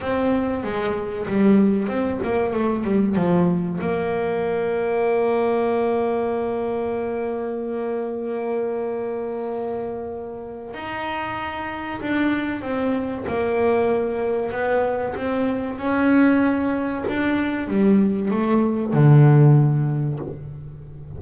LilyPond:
\new Staff \with { instrumentName = "double bass" } { \time 4/4 \tempo 4 = 95 c'4 gis4 g4 c'8 ais8 | a8 g8 f4 ais2~ | ais1~ | ais1~ |
ais4 dis'2 d'4 | c'4 ais2 b4 | c'4 cis'2 d'4 | g4 a4 d2 | }